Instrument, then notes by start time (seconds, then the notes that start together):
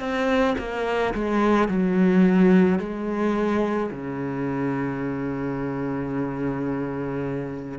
cello
0.00 C4
0.58 A#3
1.15 G#3
1.68 F#3
2.79 G#3
3.91 C#3